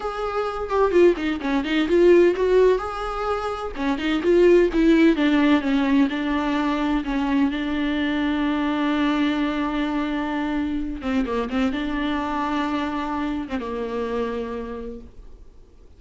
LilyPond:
\new Staff \with { instrumentName = "viola" } { \time 4/4 \tempo 4 = 128 gis'4. g'8 f'8 dis'8 cis'8 dis'8 | f'4 fis'4 gis'2 | cis'8 dis'8 f'4 e'4 d'4 | cis'4 d'2 cis'4 |
d'1~ | d'2.~ d'8 c'8 | ais8 c'8 d'2.~ | d'8. c'16 ais2. | }